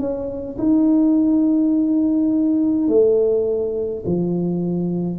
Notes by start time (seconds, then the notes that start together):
0.00 C#4
0.59 D#4
2.89 A3
4.06 F3